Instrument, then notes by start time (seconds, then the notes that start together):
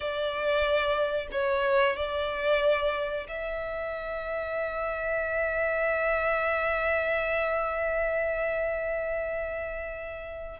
violin
0.00 D5
1.31 C#5
1.96 D5
3.28 E5